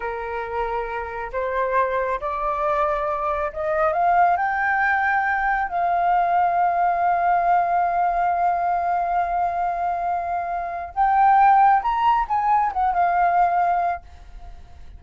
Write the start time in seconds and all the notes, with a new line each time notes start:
0.00 A#4
1.32 C5
2.20 D5
3.53 D#5
3.93 F5
4.37 G5
5.68 F5
10.94 G5
11.82 A#5
12.28 G#5
12.72 F#5
12.93 F5